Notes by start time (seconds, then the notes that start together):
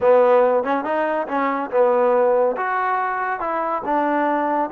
0.00 B3
0.63 C#4
0.84 D#4
1.27 C#4
1.70 B3
2.56 F#4
3.39 E4
3.85 D4